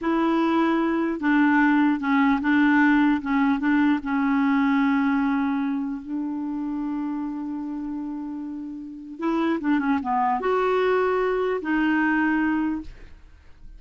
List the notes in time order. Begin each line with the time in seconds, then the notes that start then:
0.01 E4
1.20 D4
1.99 C#4
2.41 D4
3.21 C#4
3.59 D4
4.03 C#4
6.01 D4
9.19 E4
9.60 D4
9.79 C#4
10.02 B3
10.40 F#4
11.61 D#4